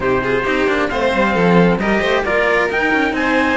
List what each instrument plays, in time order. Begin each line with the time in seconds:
0.00 cello C3 D#4, violin G4, trumpet C5
0.22 cello F4, violin G#4
0.42 cello C4 D#4, violin G4
0.67 cello A#3 D4
0.88 cello A3 C4, violin C5, trumpet F5
1.14 cello G3
1.33 cello F3, violin A4
1.77 cello G3 G4, violin A#4, trumpet D#5
2.00 cello A3, violin C5
2.24 cello A#3 F4, violin A#4, trumpet D5
2.69 cello D#4, trumpet G5
2.93 cello C#4
3.12 cello C4, trumpet G#5
3.18 violin C5